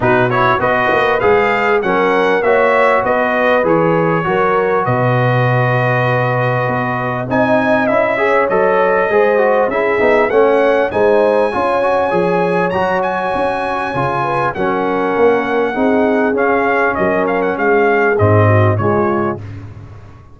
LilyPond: <<
  \new Staff \with { instrumentName = "trumpet" } { \time 4/4 \tempo 4 = 99 b'8 cis''8 dis''4 f''4 fis''4 | e''4 dis''4 cis''2 | dis''1 | gis''4 e''4 dis''2 |
e''4 fis''4 gis''2~ | gis''4 ais''8 gis''2~ gis''8 | fis''2. f''4 | dis''8 f''16 fis''16 f''4 dis''4 cis''4 | }
  \new Staff \with { instrumentName = "horn" } { \time 4/4 fis'4 b'2 ais'4 | cis''4 b'2 ais'4 | b'1 | dis''4. cis''4. c''4 |
gis'4 cis''4 c''4 cis''4~ | cis''2.~ cis''8 b'8 | ais'2 gis'2 | ais'4 gis'4. fis'8 f'4 | }
  \new Staff \with { instrumentName = "trombone" } { \time 4/4 dis'8 e'8 fis'4 gis'4 cis'4 | fis'2 gis'4 fis'4~ | fis'1 | dis'4 e'8 gis'8 a'4 gis'8 fis'8 |
e'8 dis'8 cis'4 dis'4 f'8 fis'8 | gis'4 fis'2 f'4 | cis'2 dis'4 cis'4~ | cis'2 c'4 gis4 | }
  \new Staff \with { instrumentName = "tuba" } { \time 4/4 b,4 b8 ais8 gis4 fis4 | ais4 b4 e4 fis4 | b,2. b4 | c'4 cis'4 fis4 gis4 |
cis'8 b8 a4 gis4 cis'4 | f4 fis4 cis'4 cis4 | fis4 ais4 c'4 cis'4 | fis4 gis4 gis,4 cis4 | }
>>